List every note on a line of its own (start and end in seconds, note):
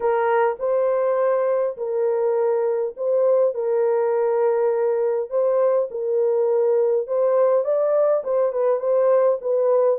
0.00 0.56 A#4
0.59 1.76 C5
1.77 2.94 A#4
2.96 3.54 C5
3.54 5.30 A#4
5.30 5.89 C5
5.90 7.07 A#4
7.07 7.64 C5
7.64 8.23 D5
8.24 8.52 C5
8.52 8.79 B4
8.79 9.38 C5
9.41 9.99 B4